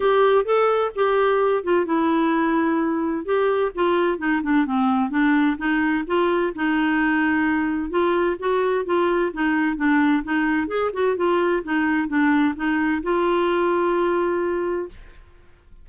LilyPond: \new Staff \with { instrumentName = "clarinet" } { \time 4/4 \tempo 4 = 129 g'4 a'4 g'4. f'8 | e'2. g'4 | f'4 dis'8 d'8 c'4 d'4 | dis'4 f'4 dis'2~ |
dis'4 f'4 fis'4 f'4 | dis'4 d'4 dis'4 gis'8 fis'8 | f'4 dis'4 d'4 dis'4 | f'1 | }